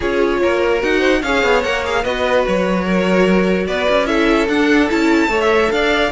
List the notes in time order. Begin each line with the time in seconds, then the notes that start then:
0.00 C#4 F4 G#4 C#5
0.42 A#3 A#4
0.80 D#4 F#4 F#5
0.99 C5
1.21 C#4 G#4 C#5 F5
1.43 B3
1.62 A#3 A#4 F#5
1.84 G#4 F5
2.03 B3 F#4 B4 D#5
2.47 F#3 C#5
2.84 A#4
3.67 B3 B4 D5
3.89 C#4
4.05 E4 A4 E5
4.48 D4 F#5
4.89 C#4 E4 A5
5.27 A3 A4 C#5
5.41 E5
5.71 D4 D5 F5